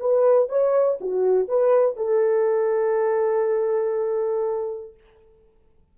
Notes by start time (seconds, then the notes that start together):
0.00 B4
0.49 C#5
1.01 F#4
1.48 B4
1.97 A4